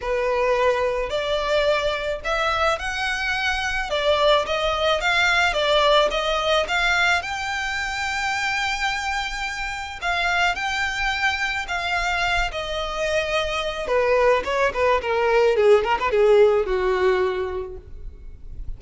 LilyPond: \new Staff \with { instrumentName = "violin" } { \time 4/4 \tempo 4 = 108 b'2 d''2 | e''4 fis''2 d''4 | dis''4 f''4 d''4 dis''4 | f''4 g''2.~ |
g''2 f''4 g''4~ | g''4 f''4. dis''4.~ | dis''4 b'4 cis''8 b'8 ais'4 | gis'8 ais'16 b'16 gis'4 fis'2 | }